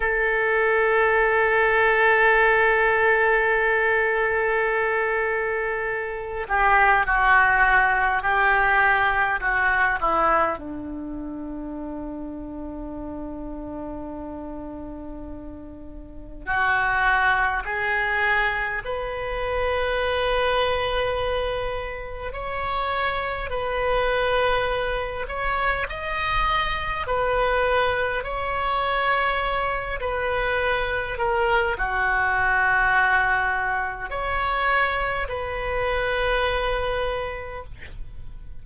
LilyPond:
\new Staff \with { instrumentName = "oboe" } { \time 4/4 \tempo 4 = 51 a'1~ | a'4. g'8 fis'4 g'4 | fis'8 e'8 d'2.~ | d'2 fis'4 gis'4 |
b'2. cis''4 | b'4. cis''8 dis''4 b'4 | cis''4. b'4 ais'8 fis'4~ | fis'4 cis''4 b'2 | }